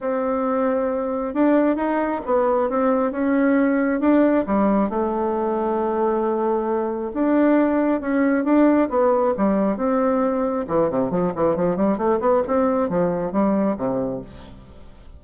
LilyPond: \new Staff \with { instrumentName = "bassoon" } { \time 4/4 \tempo 4 = 135 c'2. d'4 | dis'4 b4 c'4 cis'4~ | cis'4 d'4 g4 a4~ | a1 |
d'2 cis'4 d'4 | b4 g4 c'2 | e8 c8 f8 e8 f8 g8 a8 b8 | c'4 f4 g4 c4 | }